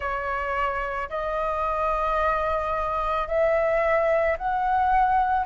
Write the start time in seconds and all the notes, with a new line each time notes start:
0.00 C#5
1.09 D#5
3.27 E5
4.37 F#5